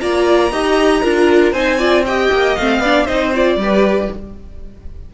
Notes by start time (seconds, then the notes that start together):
0.00 A#3 F4 D5 A#5
0.52 D#4 G4 D#5
1.02 D4 F4 A#4
1.53 C4 D#4 C5 G#5
1.79 F4 D5
2.07 G4 D#5 G5
2.32 A#3
2.56 A3 C4 F5
2.79 B3 D4 D5
3.05 C4 D#4 C5 D#5
3.35 F4 D5
3.57 G3 B4
3.63 G4